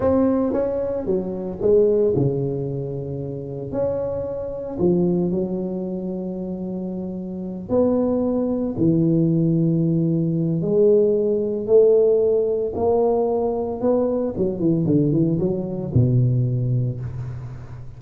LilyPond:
\new Staff \with { instrumentName = "tuba" } { \time 4/4 \tempo 4 = 113 c'4 cis'4 fis4 gis4 | cis2. cis'4~ | cis'4 f4 fis2~ | fis2~ fis8 b4.~ |
b8 e2.~ e8 | gis2 a2 | ais2 b4 fis8 e8 | d8 e8 fis4 b,2 | }